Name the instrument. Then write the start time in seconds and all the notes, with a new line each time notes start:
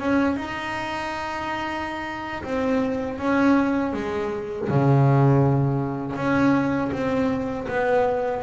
double bass
0.00 C#4
0.37 D#4
2.44 C4
3.19 C#4
3.94 G#3
4.69 C#3
6.16 C#4
6.93 C4
7.68 B3